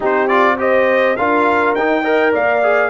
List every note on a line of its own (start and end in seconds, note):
0.00 1.18 C4
0.00 0.29 D#4
0.00 0.56 G4
0.00 0.27 C5
0.27 0.58 F4
0.27 0.56 D5
0.58 1.16 G4
0.58 1.17 C5
0.58 1.16 D#5
1.16 1.75 D4
1.16 1.76 F4
1.16 2.01 A#4
1.16 1.74 F5
1.74 2.33 D#4
1.74 2.04 D#4
1.74 2.33 G5
2.01 2.62 A#4
2.01 2.31 D#5
2.32 2.89 A#3
2.32 2.89 D5
2.32 2.89 F5
2.62 2.89 G#4